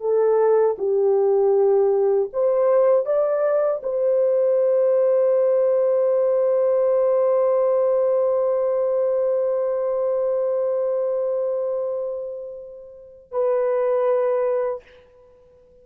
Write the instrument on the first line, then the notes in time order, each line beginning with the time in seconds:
horn
0.00 A4
0.78 G4
2.33 C5
3.05 D5
3.83 C5
13.31 B4